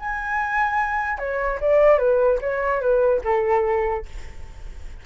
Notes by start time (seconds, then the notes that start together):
0.00 G#5
1.19 C#5
1.61 D5
1.99 B4
2.41 C#5
2.81 B4
3.24 A4